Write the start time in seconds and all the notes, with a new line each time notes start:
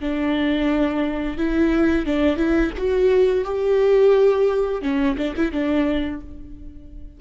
0.00 D4
1.37 E4
2.05 D4
2.36 E4
2.77 F#4
3.44 G4
4.82 C#4
5.17 D4
5.35 E4
5.51 D4